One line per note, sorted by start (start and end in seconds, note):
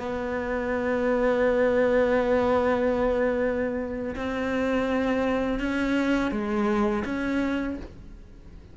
0.00 4.16 B3
4.16 5.60 C4
5.60 6.32 C#4
6.32 7.04 G#3
7.05 7.77 C#4